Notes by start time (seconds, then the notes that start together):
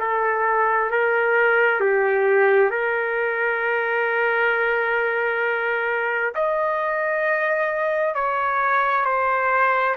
0.00 A4
0.91 A#4
1.81 G4
2.71 A#4
6.36 D#5
8.15 C#5
9.06 C5